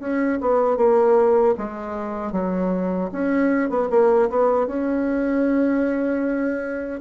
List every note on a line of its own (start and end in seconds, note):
0.00 0.39 C#4
0.41 0.77 B3
0.77 1.55 A#3
1.58 2.32 G#3
2.32 3.10 F#3
3.12 3.70 C#4
3.70 3.89 B3
3.90 4.29 A#3
4.30 4.67 B3
4.67 7.01 C#4